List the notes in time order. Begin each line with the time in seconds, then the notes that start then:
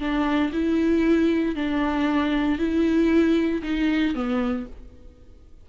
0.00 D4
0.53 E4
1.56 D4
2.59 E4
3.63 D#4
4.15 B3